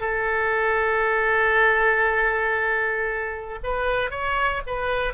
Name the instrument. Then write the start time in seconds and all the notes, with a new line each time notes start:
oboe
0.00 A4
3.63 B4
4.11 C#5
4.66 B4